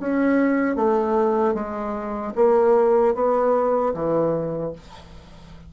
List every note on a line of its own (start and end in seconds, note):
0.00 0.76 C#4
0.76 1.54 A3
1.54 2.33 G#3
2.36 3.15 A#3
3.15 3.94 B3
3.94 4.73 E3